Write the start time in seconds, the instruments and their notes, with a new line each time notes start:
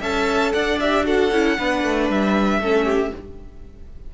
0.00 cello C#4, viola A4, violin E5 A5
0.52 cello D4, violin D5 F#5
0.79 viola G4, violin E5
1.04 viola F#4, violin A4 F#5
1.31 cello C#4, viola E4
1.58 cello B3, viola D4, violin B4
1.83 cello A3
2.09 cello G3, violin E5
2.59 cello A3, viola C#4, violin A4
2.85 violin G4